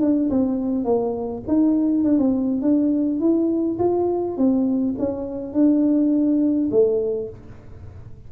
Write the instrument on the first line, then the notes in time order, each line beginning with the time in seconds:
tuba
0.00 D4
0.30 C4
0.84 A#3
1.47 D#4
2.04 D4
2.18 C4
2.61 D4
3.20 E4
3.79 F4
4.37 C4
4.98 C#4
5.53 D4
6.71 A3